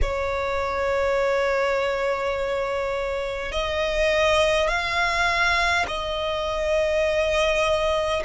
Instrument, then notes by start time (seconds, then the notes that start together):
violin
0.01 C#5
3.52 D#5
4.67 F5
5.87 D#5